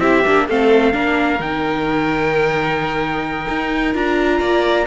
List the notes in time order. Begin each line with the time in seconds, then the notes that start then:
0.00 C4 E4 G4 E5
0.26 A#3 D4
0.48 A3 C4 A4 F5
0.93 A#3 D4 A#4
1.40 D#3 D#4 G5
3.49 D#4
3.93 D4 F4 A#5
4.40 A#3 D5